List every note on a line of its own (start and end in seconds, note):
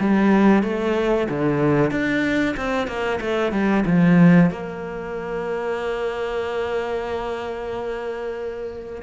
0.00 0.63 G3
0.63 1.28 A3
1.29 1.91 D3
1.91 2.56 D4
2.57 2.87 C4
2.87 3.20 A#3
3.21 3.52 A3
3.52 3.84 G3
3.86 4.51 F3
4.51 9.03 A#3